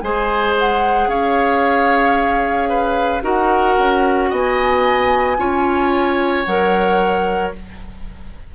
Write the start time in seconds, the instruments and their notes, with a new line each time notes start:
0.00 bassoon G#3, clarinet G#4, oboe C5, flute G#5
0.58 flute F#5
1.07 bassoon C#4, oboe C#5, flute F5
2.69 oboe B4
3.22 bassoon D#4, clarinet F#4, oboe A#4, flute F#5
3.78 bassoon C#4
4.29 bassoon B3, oboe D#5, flute G#5
5.37 bassoon C#4, clarinet F4, oboe C#5
6.44 bassoon F#3, clarinet A#4, flute F#5